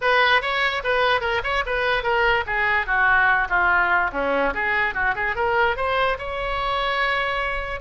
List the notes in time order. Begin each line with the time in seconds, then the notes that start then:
0.01 B4
0.41 C#5
0.83 B4
1.20 A#4
1.43 C#5
1.66 B4
2.03 A#4
2.46 G#4
2.86 F#4
3.49 F4
4.12 C#4
4.54 G#4
4.94 F#4
5.15 G#4
5.35 A#4
5.76 C5
6.18 C#5